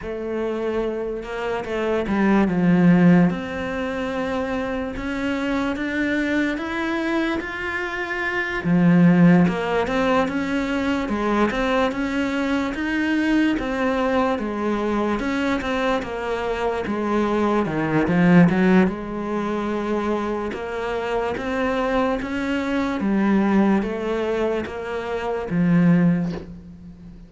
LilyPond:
\new Staff \with { instrumentName = "cello" } { \time 4/4 \tempo 4 = 73 a4. ais8 a8 g8 f4 | c'2 cis'4 d'4 | e'4 f'4. f4 ais8 | c'8 cis'4 gis8 c'8 cis'4 dis'8~ |
dis'8 c'4 gis4 cis'8 c'8 ais8~ | ais8 gis4 dis8 f8 fis8 gis4~ | gis4 ais4 c'4 cis'4 | g4 a4 ais4 f4 | }